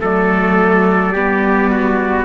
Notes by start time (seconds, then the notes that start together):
0.00 F#3 A3 A4 D5
1.13 G3 B3 G4
1.71 F#4